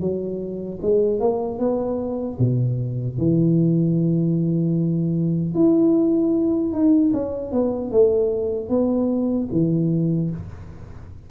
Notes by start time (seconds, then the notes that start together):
0.00 F#3
0.82 G#3
1.20 A#3
1.59 B3
2.39 B2
3.18 E3
5.54 E4
6.72 D#4
7.13 C#4
7.52 B3
7.91 A3
8.69 B3
9.51 E3